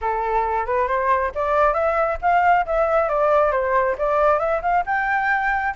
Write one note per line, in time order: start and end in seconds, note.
0.01 0.65 A4
0.65 0.87 B4
0.87 1.31 C5
1.35 1.73 D5
1.73 2.17 E5
2.21 2.65 F5
2.66 3.09 E5
3.09 3.51 D5
3.51 3.95 C5
3.97 4.39 D5
4.39 4.61 E5
4.62 4.84 F5
4.86 5.74 G5